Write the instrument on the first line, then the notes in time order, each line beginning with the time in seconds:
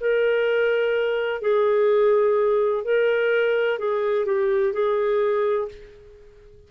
clarinet
0.00 A#4
1.41 G#4
2.84 A#4
3.78 G#4
4.25 G4
4.73 G#4